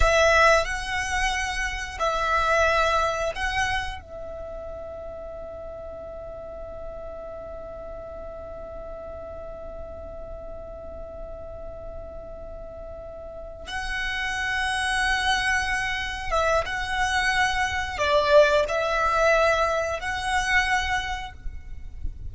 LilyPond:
\new Staff \with { instrumentName = "violin" } { \time 4/4 \tempo 4 = 90 e''4 fis''2 e''4~ | e''4 fis''4 e''2~ | e''1~ | e''1~ |
e''1~ | e''8 fis''2.~ fis''8~ | fis''8 e''8 fis''2 d''4 | e''2 fis''2 | }